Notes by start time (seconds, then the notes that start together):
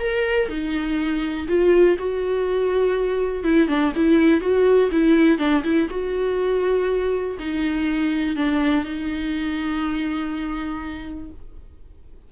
0.00 A#4
0.49 D#4
1.48 F4
1.99 F#4
3.44 E4
3.68 D4
3.96 E4
4.41 F#4
4.92 E4
5.39 D4
5.64 E4
5.90 F#4
7.40 D#4
8.37 D4
8.85 D#4